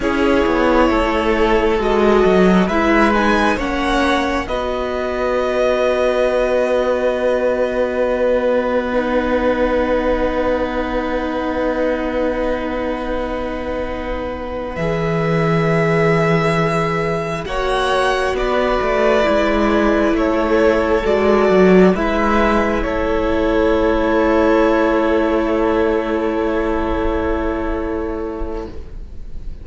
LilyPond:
<<
  \new Staff \with { instrumentName = "violin" } { \time 4/4 \tempo 4 = 67 cis''2 dis''4 e''8 gis''8 | fis''4 dis''2.~ | dis''2 fis''2~ | fis''1~ |
fis''8 e''2. fis''8~ | fis''8 d''2 cis''4 d''8~ | d''8 e''4 cis''2~ cis''8~ | cis''1 | }
  \new Staff \with { instrumentName = "violin" } { \time 4/4 gis'4 a'2 b'4 | cis''4 b'2.~ | b'1~ | b'1~ |
b'2.~ b'8 cis''8~ | cis''8 b'2 a'4.~ | a'8 b'4 a'2~ a'8~ | a'1 | }
  \new Staff \with { instrumentName = "viola" } { \time 4/4 e'2 fis'4 e'8 dis'8 | cis'4 fis'2.~ | fis'2 dis'2~ | dis'1~ |
dis'8 gis'2. fis'8~ | fis'4. e'2 fis'8~ | fis'8 e'2.~ e'8~ | e'1 | }
  \new Staff \with { instrumentName = "cello" } { \time 4/4 cis'8 b8 a4 gis8 fis8 gis4 | ais4 b2.~ | b1~ | b1~ |
b8 e2. ais8~ | ais8 b8 a8 gis4 a4 gis8 | fis8 gis4 a2~ a8~ | a1 | }
>>